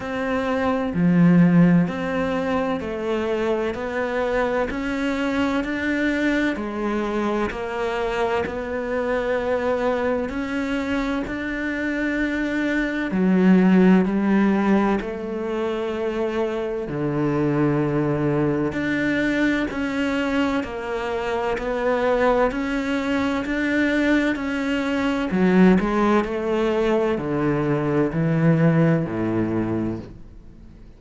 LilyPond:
\new Staff \with { instrumentName = "cello" } { \time 4/4 \tempo 4 = 64 c'4 f4 c'4 a4 | b4 cis'4 d'4 gis4 | ais4 b2 cis'4 | d'2 fis4 g4 |
a2 d2 | d'4 cis'4 ais4 b4 | cis'4 d'4 cis'4 fis8 gis8 | a4 d4 e4 a,4 | }